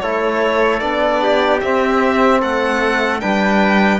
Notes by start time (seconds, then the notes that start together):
0.00 A3 E4 A4 C#5
0.80 B3 D4 D5
1.22 G4
1.61 C4 E5
2.40 A3 A4 F#5
3.20 G3 D4 B4 G5